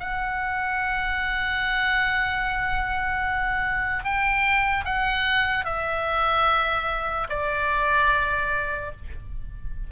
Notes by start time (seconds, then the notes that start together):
0.00 F#5
4.04 G5
4.85 F#5
5.65 E5
7.29 D5